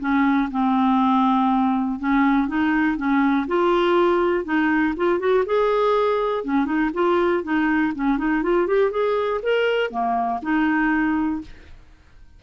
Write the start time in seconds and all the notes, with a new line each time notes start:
0.00 C#4
0.51 C4
2.00 C#4
2.48 D#4
2.97 C#4
3.48 F4
4.45 D#4
4.97 F4
5.20 F#4
5.46 G#4
6.45 C#4
6.66 D#4
6.94 F4
7.44 D#4
7.95 C#4
8.18 D#4
8.43 F4
8.67 G4
8.91 G#4
9.43 A#4
9.91 A#3
10.43 D#4